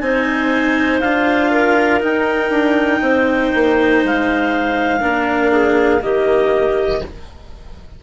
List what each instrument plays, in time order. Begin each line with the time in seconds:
0.00 bassoon C4, cello D#4, clarinet C5 G#5
1.00 bassoon D4, cello F4, clarinet F5
1.51 clarinet A#4
2.00 cello D#4, bassoon D#4, clarinet G5
2.50 bassoon D4
3.01 bassoon C4, clarinet C5
3.55 bassoon A#3
4.03 bassoon G#3, clarinet F5
5.00 bassoon A#3, cello D4, clarinet A#4
5.52 clarinet G#4
6.02 bassoon D#3, cello A#3, clarinet G4 D#5